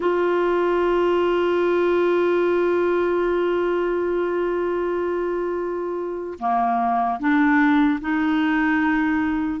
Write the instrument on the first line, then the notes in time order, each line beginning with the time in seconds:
clarinet
0.00 F4
6.39 A#3
7.19 D4
8.00 D#4